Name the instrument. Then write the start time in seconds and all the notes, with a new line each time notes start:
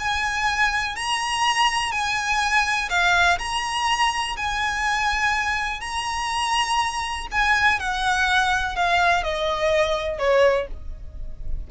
violin
0.00 G#5
0.96 A#5
1.92 G#5
2.90 F5
3.39 A#5
4.37 G#5
5.81 A#5
7.32 G#5
7.80 F#5
8.76 F5
9.24 D#5
10.19 C#5